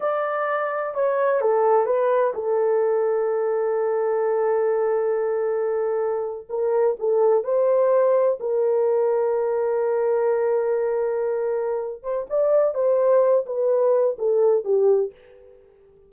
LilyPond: \new Staff \with { instrumentName = "horn" } { \time 4/4 \tempo 4 = 127 d''2 cis''4 a'4 | b'4 a'2.~ | a'1~ | a'4.~ a'16 ais'4 a'4 c''16~ |
c''4.~ c''16 ais'2~ ais'16~ | ais'1~ | ais'4. c''8 d''4 c''4~ | c''8 b'4. a'4 g'4 | }